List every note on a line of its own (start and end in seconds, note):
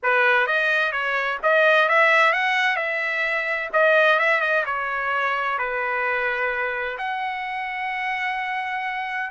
0.02 0.46 B4
0.46 0.92 D#5
0.92 1.38 C#5
1.42 1.88 D#5
1.88 2.33 E5
2.33 2.76 F#5
2.76 3.69 E5
3.73 4.19 D#5
4.19 4.40 E5
4.40 4.64 D#5
4.65 5.58 C#5
5.58 6.97 B4
6.98 9.30 F#5